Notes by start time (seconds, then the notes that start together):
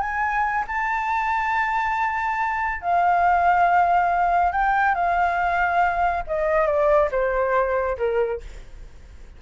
0.00 G#5
0.67 A5
2.81 F5
4.52 G5
4.94 F5
6.27 D#5
6.66 D5
7.11 C5
7.98 A#4